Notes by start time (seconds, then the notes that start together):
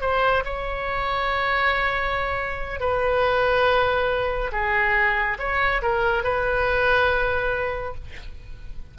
0.00 C5
0.44 C#5
2.79 B4
4.52 G#4
5.38 C#5
5.81 A#4
6.23 B4